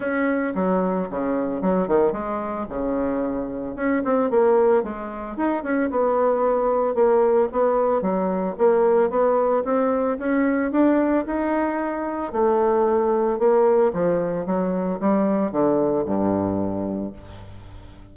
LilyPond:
\new Staff \with { instrumentName = "bassoon" } { \time 4/4 \tempo 4 = 112 cis'4 fis4 cis4 fis8 dis8 | gis4 cis2 cis'8 c'8 | ais4 gis4 dis'8 cis'8 b4~ | b4 ais4 b4 fis4 |
ais4 b4 c'4 cis'4 | d'4 dis'2 a4~ | a4 ais4 f4 fis4 | g4 d4 g,2 | }